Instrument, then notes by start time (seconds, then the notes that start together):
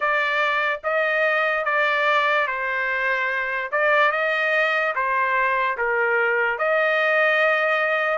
trumpet
0.00 D5
0.83 D#5
1.64 D5
2.47 C5
3.71 D5
4.11 D#5
4.95 C5
5.77 A#4
6.58 D#5